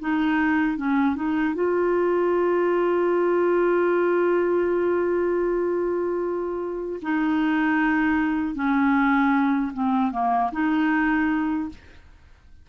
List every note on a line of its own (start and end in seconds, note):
0.00 0.77 D#4
0.77 1.16 C#4
1.16 1.55 D#4
1.55 7.00 F4
7.02 8.55 D#4
8.55 9.72 C#4
9.73 10.12 C4
10.12 10.51 A#3
10.52 11.69 D#4